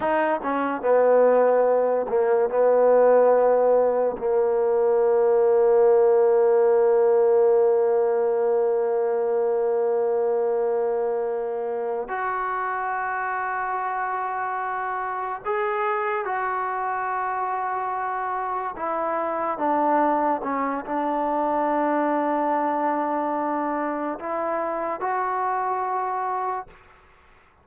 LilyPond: \new Staff \with { instrumentName = "trombone" } { \time 4/4 \tempo 4 = 72 dis'8 cis'8 b4. ais8 b4~ | b4 ais2.~ | ais1~ | ais2~ ais8 fis'4.~ |
fis'2~ fis'8 gis'4 fis'8~ | fis'2~ fis'8 e'4 d'8~ | d'8 cis'8 d'2.~ | d'4 e'4 fis'2 | }